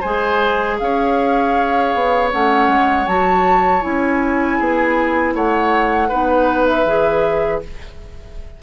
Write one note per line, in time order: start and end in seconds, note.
0.00 0.80 G#3
0.00 2.31 G#4
0.00 0.76 C5
0.00 0.78 G#5
0.78 1.94 C#4
0.78 4.58 C#5
0.78 2.30 F5
1.94 2.32 B3
2.31 2.68 A3
2.31 3.07 C#4
2.31 3.06 F#5
2.68 3.06 G#3
3.06 3.83 F#3
3.06 3.81 F#4
3.06 3.82 A5
3.81 4.59 C#4
3.81 6.09 E4
3.81 5.34 G#5
4.58 5.34 B3
4.58 5.34 G#4
5.34 6.10 A3
5.34 6.08 C#5
5.34 6.66 F#5
6.08 6.85 B3
6.08 6.86 D#4
6.08 7.60 B4
6.66 7.60 E5
6.85 7.61 E3
6.85 7.62 G#4